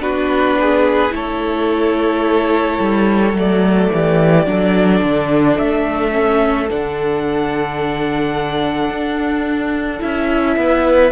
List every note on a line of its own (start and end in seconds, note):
0.00 1.11 B3
0.00 1.10 D4
0.00 0.58 F#4
0.00 1.14 B4
0.61 1.15 G#4
1.10 2.79 A3
1.10 3.32 E4
1.10 3.93 A4
1.10 3.38 C#5
2.80 3.34 G3
3.34 3.89 F#3
3.34 4.46 A3
3.34 5.58 D5
3.94 4.47 E3
3.94 4.49 G4
4.46 5.02 F#3
4.46 6.12 D4
4.46 10.60 A4
5.03 5.58 D3
5.58 6.70 A3
5.58 6.69 E5
6.12 6.68 C#4
6.70 8.90 D3
6.70 10.00 D4
6.70 10.02 F#5
8.90 10.01 D4
10.00 10.57 C#4
10.00 11.11 E4
10.00 11.12 E5
10.57 11.12 B3
10.57 11.12 B4